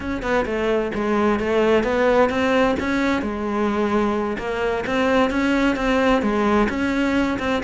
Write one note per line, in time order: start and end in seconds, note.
0.00 0.22 C#4
0.22 0.45 B3
0.45 0.91 A3
0.94 1.39 G#3
1.39 1.83 A3
1.83 2.29 B3
2.29 2.75 C4
2.79 3.21 C#4
3.21 4.37 G#3
4.38 4.84 A#3
4.86 5.30 C4
5.30 5.76 C#4
5.76 6.22 C4
6.22 6.68 G#3
6.69 7.38 C#4
7.39 7.62 C4